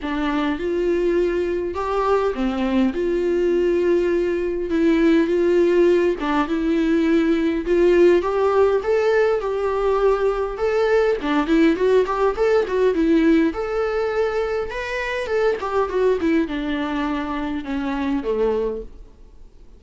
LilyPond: \new Staff \with { instrumentName = "viola" } { \time 4/4 \tempo 4 = 102 d'4 f'2 g'4 | c'4 f'2. | e'4 f'4. d'8 e'4~ | e'4 f'4 g'4 a'4 |
g'2 a'4 d'8 e'8 | fis'8 g'8 a'8 fis'8 e'4 a'4~ | a'4 b'4 a'8 g'8 fis'8 e'8 | d'2 cis'4 a4 | }